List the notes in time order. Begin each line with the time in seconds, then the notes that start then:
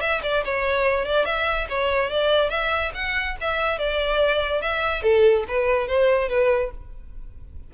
0.00 E5
0.23 D5
0.44 C#5
1.05 D5
1.25 E5
1.69 C#5
2.10 D5
2.50 E5
2.94 F#5
3.40 E5
3.78 D5
4.61 E5
5.02 A4
5.48 B4
5.87 C5
6.28 B4